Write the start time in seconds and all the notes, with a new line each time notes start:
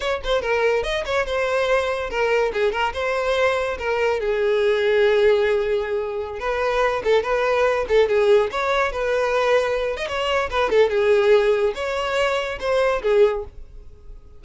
0.00 C#5
0.23 C5
0.41 A#4
0.83 D#5
1.05 C#5
1.25 C5
2.10 A#4
2.53 G#4
2.72 A#4
2.93 C5
3.78 A#4
4.20 G#4
6.39 B4
7.04 A4
7.22 B4
7.88 A4
8.08 G#4
8.51 C#5
8.92 B4
9.97 D#5
10.07 C#5
10.50 B4
10.69 A4
10.89 G#4
11.74 C#5
12.60 C5
13.02 G#4